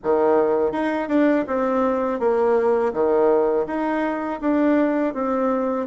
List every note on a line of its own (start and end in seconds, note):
0.03 0.72 D#3
0.72 1.08 D#4
1.08 1.45 D4
1.47 2.20 C4
2.20 2.93 A#3
2.93 3.66 D#3
3.66 4.39 D#4
4.41 5.14 D4
5.14 5.86 C4